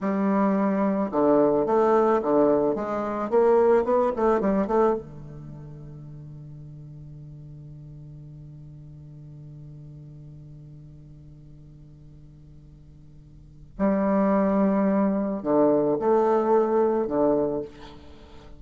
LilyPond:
\new Staff \with { instrumentName = "bassoon" } { \time 4/4 \tempo 4 = 109 g2 d4 a4 | d4 gis4 ais4 b8 a8 | g8 a8 d2.~ | d1~ |
d1~ | d1~ | d4 g2. | d4 a2 d4 | }